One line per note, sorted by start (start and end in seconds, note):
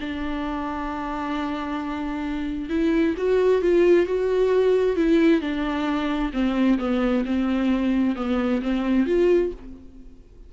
0.00 2.69 D4
2.69 3.15 E4
3.17 3.61 F#4
3.61 4.06 F4
4.06 4.96 F#4
4.96 5.41 E4
5.41 6.32 D4
6.33 6.78 C4
6.78 7.24 B3
7.25 8.15 C4
8.15 8.61 B3
8.62 9.06 C4
9.06 9.51 F4